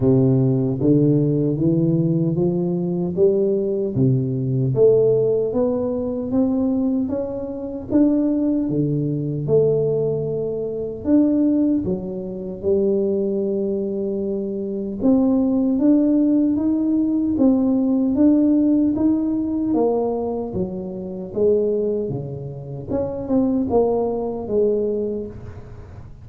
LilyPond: \new Staff \with { instrumentName = "tuba" } { \time 4/4 \tempo 4 = 76 c4 d4 e4 f4 | g4 c4 a4 b4 | c'4 cis'4 d'4 d4 | a2 d'4 fis4 |
g2. c'4 | d'4 dis'4 c'4 d'4 | dis'4 ais4 fis4 gis4 | cis4 cis'8 c'8 ais4 gis4 | }